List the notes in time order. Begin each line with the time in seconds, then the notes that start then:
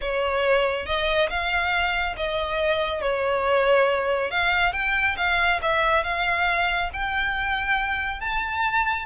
0.01 C#5
0.86 D#5
1.29 F5
2.16 D#5
3.01 C#5
4.30 F5
4.73 G5
5.17 F5
5.62 E5
6.03 F5
6.93 G5
8.20 A5